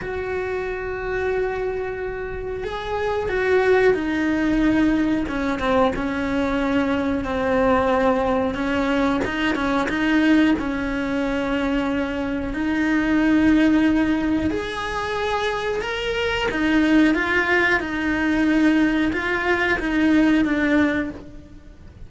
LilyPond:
\new Staff \with { instrumentName = "cello" } { \time 4/4 \tempo 4 = 91 fis'1 | gis'4 fis'4 dis'2 | cis'8 c'8 cis'2 c'4~ | c'4 cis'4 dis'8 cis'8 dis'4 |
cis'2. dis'4~ | dis'2 gis'2 | ais'4 dis'4 f'4 dis'4~ | dis'4 f'4 dis'4 d'4 | }